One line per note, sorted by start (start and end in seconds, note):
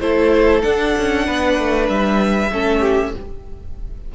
0.00 0.63 A3
0.00 0.62 E4
0.00 1.25 A4
0.00 0.61 C5
0.61 2.50 D4
0.61 0.95 D4
0.61 1.86 F#5
0.97 1.28 C#4
1.25 1.58 B3
1.25 2.50 B4
1.58 1.89 A3
1.88 2.51 G3
1.88 3.13 E5
2.52 3.14 A3
2.52 3.14 C#4
2.52 2.80 A4
2.80 3.11 G4